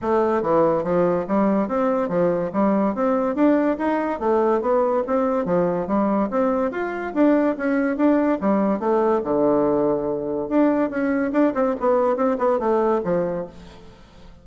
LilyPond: \new Staff \with { instrumentName = "bassoon" } { \time 4/4 \tempo 4 = 143 a4 e4 f4 g4 | c'4 f4 g4 c'4 | d'4 dis'4 a4 b4 | c'4 f4 g4 c'4 |
f'4 d'4 cis'4 d'4 | g4 a4 d2~ | d4 d'4 cis'4 d'8 c'8 | b4 c'8 b8 a4 f4 | }